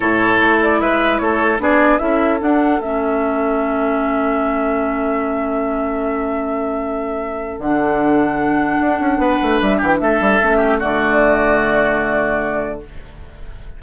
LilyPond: <<
  \new Staff \with { instrumentName = "flute" } { \time 4/4 \tempo 4 = 150 cis''4. d''8 e''4 cis''4 | d''4 e''4 fis''4 e''4~ | e''1~ | e''1~ |
e''2. fis''4~ | fis''1 | e''8 fis''16 g''16 e''2 d''4~ | d''1 | }
  \new Staff \with { instrumentName = "oboe" } { \time 4/4 a'2 b'4 a'4 | gis'4 a'2.~ | a'1~ | a'1~ |
a'1~ | a'2. b'4~ | b'8 g'8 a'4. g'8 fis'4~ | fis'1 | }
  \new Staff \with { instrumentName = "clarinet" } { \time 4/4 e'1 | d'4 e'4 d'4 cis'4~ | cis'1~ | cis'1~ |
cis'2. d'4~ | d'1~ | d'2 cis'4 a4~ | a1 | }
  \new Staff \with { instrumentName = "bassoon" } { \time 4/4 a,4 a4 gis4 a4 | b4 cis'4 d'4 a4~ | a1~ | a1~ |
a2. d4~ | d2 d'8 cis'8 b8 a8 | g8 e8 a8 g8 a4 d4~ | d1 | }
>>